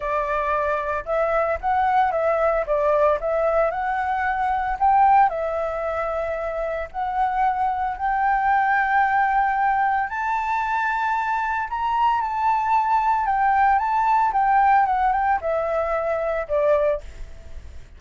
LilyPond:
\new Staff \with { instrumentName = "flute" } { \time 4/4 \tempo 4 = 113 d''2 e''4 fis''4 | e''4 d''4 e''4 fis''4~ | fis''4 g''4 e''2~ | e''4 fis''2 g''4~ |
g''2. a''4~ | a''2 ais''4 a''4~ | a''4 g''4 a''4 g''4 | fis''8 g''8 e''2 d''4 | }